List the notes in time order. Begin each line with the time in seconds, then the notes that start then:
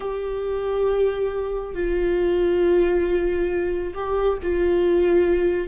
0.00 G4
1.74 F4
3.94 G4
4.42 F4